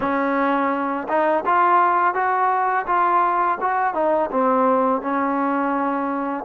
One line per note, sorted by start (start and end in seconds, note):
0.00 1.07 C#4
1.08 1.44 D#4
1.45 2.14 F4
2.14 2.85 F#4
2.86 3.57 F4
3.60 3.94 F#4
3.94 4.30 D#4
4.31 5.01 C4
5.01 6.44 C#4